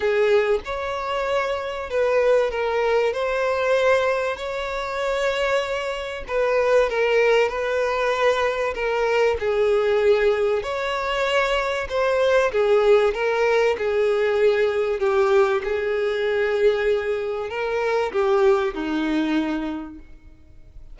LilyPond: \new Staff \with { instrumentName = "violin" } { \time 4/4 \tempo 4 = 96 gis'4 cis''2 b'4 | ais'4 c''2 cis''4~ | cis''2 b'4 ais'4 | b'2 ais'4 gis'4~ |
gis'4 cis''2 c''4 | gis'4 ais'4 gis'2 | g'4 gis'2. | ais'4 g'4 dis'2 | }